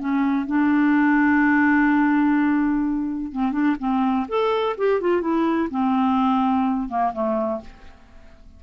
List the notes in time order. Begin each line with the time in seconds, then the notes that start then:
0.00 C#4
0.47 D4
3.32 C4
3.52 D4
3.80 C4
4.29 A4
4.78 G4
5.01 F4
5.21 E4
5.71 C4
6.89 A#3
7.14 A3